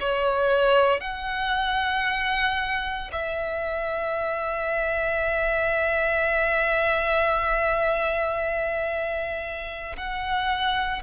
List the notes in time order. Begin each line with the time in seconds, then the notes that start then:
0.00 C#5
1.00 F#5
3.12 E5
9.97 F#5